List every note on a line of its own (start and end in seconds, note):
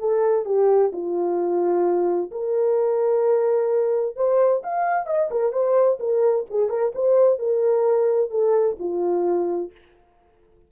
0.00 0.46 A4
0.46 0.92 G4
0.93 2.31 F4
2.32 4.16 A#4
4.16 4.63 C5
4.64 5.07 F5
5.07 5.30 D#5
5.31 5.53 A#4
5.53 5.99 C5
6.00 6.46 A#4
6.50 6.70 G#4
6.70 6.93 A#4
6.95 7.39 C5
7.39 8.31 A#4
8.31 8.77 A4
8.80 9.72 F4